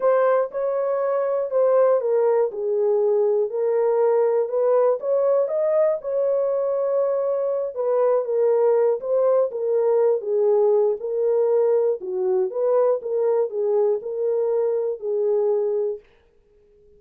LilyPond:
\new Staff \with { instrumentName = "horn" } { \time 4/4 \tempo 4 = 120 c''4 cis''2 c''4 | ais'4 gis'2 ais'4~ | ais'4 b'4 cis''4 dis''4 | cis''2.~ cis''8 b'8~ |
b'8 ais'4. c''4 ais'4~ | ais'8 gis'4. ais'2 | fis'4 b'4 ais'4 gis'4 | ais'2 gis'2 | }